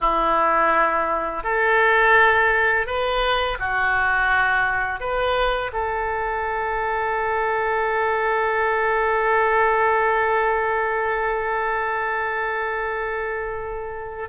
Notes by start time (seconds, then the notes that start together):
0.00 E4
1.43 A4
2.86 B4
3.59 F#4
4.99 B4
5.72 A4